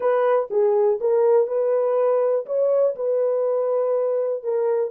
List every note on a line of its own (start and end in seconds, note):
0.00 0.49 B4
0.50 0.99 G#4
1.00 1.47 A#4
1.47 2.45 B4
2.46 2.95 C#5
2.95 4.43 B4
4.43 4.90 A#4